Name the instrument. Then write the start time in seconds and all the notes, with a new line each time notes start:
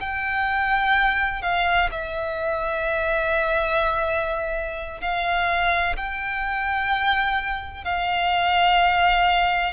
violin
0.00 G5
1.42 F5
1.91 E5
5.01 F5
5.96 G5
7.84 F5